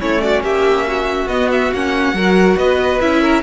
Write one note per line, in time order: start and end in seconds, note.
0.00 0.42 A3
0.00 1.29 C#4
0.00 0.21 E4
0.00 0.21 C#5
0.21 0.43 F#4
0.21 0.43 D5
0.42 1.26 A#3
0.42 0.86 G4
0.42 1.28 E5
0.88 2.16 F#4
1.26 1.69 B3
1.26 1.73 B3
1.26 1.49 D#5
1.52 1.73 E5
1.73 2.13 A#3
1.73 2.14 C#4
1.73 2.58 F#5
2.13 2.56 F#3
2.13 3.00 F#4
2.13 2.57 A#4
2.57 3.00 B3
2.57 3.21 B4
2.57 3.00 D#5
3.00 3.43 C#4
3.00 3.43 E4
3.00 3.43 E5
3.21 3.42 A#4